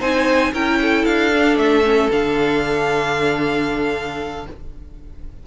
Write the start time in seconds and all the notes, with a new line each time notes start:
0.00 C4 D#4 C5 G#5
0.52 C#4 E4 A#4 G5
0.81 A4
1.05 D4 F5
1.33 D4
1.56 A3 E5
1.84 C#4
2.11 D3 D4 F5